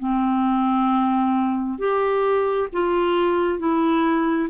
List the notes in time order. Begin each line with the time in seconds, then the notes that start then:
0.00 C4
1.79 G4
2.73 F4
3.59 E4